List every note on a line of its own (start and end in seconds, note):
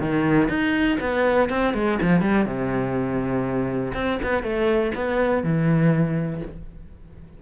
0.00 0.49 D#3
0.49 0.98 D#4
1.01 1.50 B3
1.50 1.74 C4
1.74 1.99 G#3
2.02 2.22 F3
2.22 2.46 G3
2.46 3.93 C3
3.94 4.19 C4
4.23 4.43 B3
4.43 4.92 A3
4.95 5.44 B3
5.44 6.42 E3